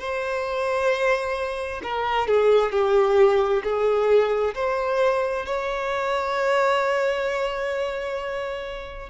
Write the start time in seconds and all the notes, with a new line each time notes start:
0.00 C5
1.83 A#4
2.28 G#4
2.72 G4
3.64 G#4
4.55 C5
5.46 C#5